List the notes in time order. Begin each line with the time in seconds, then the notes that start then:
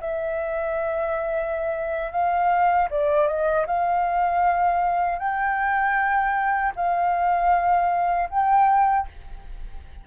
0.00 E5
2.12 F5
2.90 D5
3.27 D#5
3.67 F5
5.19 G5
6.76 F5
8.30 G5